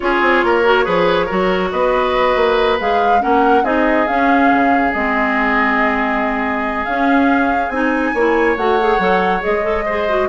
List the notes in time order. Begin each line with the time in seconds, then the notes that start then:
0.00 C#4 F4 G#4 C#5
0.21 C4
0.43 A#3 A#4
0.64 F#4
0.84 F3 G#4 B4
1.25 F#3 F#4 A#4
1.71 B3 B4 D#5
2.35 A#3
2.79 G#3 G#4 F5
3.19 A#3 C#4 A#4 F#5
3.63 C4 D#4 G#4 D#5
4.07 C#4 F5
4.52 C#3
4.92 G#3 C4 D#5
6.84 C#4 F5
7.69 C4 D#4 G#5
8.13 A#3 E4 C#5
8.56 A3 F#4 F#5
8.80 G#4
8.98 F#3 A4
9.40 G#3 G#4 D#5
9.62 A4
9.85 G#4 C5
10.08 F#4